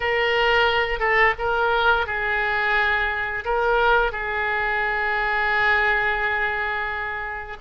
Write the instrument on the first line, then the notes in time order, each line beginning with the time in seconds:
oboe
0.00 A#4
0.99 A4
1.38 A#4
2.06 G#4
3.44 A#4
4.12 G#4